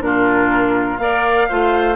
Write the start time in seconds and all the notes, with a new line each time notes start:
0.00 A#2 D4 F4 A#4
0.98 A#3 A#4 D5 F5
1.49 A3 F4 C5